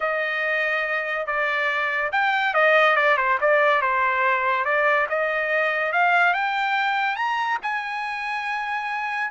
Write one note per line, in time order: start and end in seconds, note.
0.00 1.26 D#5
1.26 2.10 D5
2.12 2.54 G5
2.54 2.96 D#5
2.96 3.17 D5
3.17 3.38 C5
3.40 3.81 D5
3.81 4.64 C5
4.64 5.06 D5
5.09 5.92 D#5
5.92 6.33 F5
6.33 7.15 G5
7.15 7.58 A#5
7.62 9.31 G#5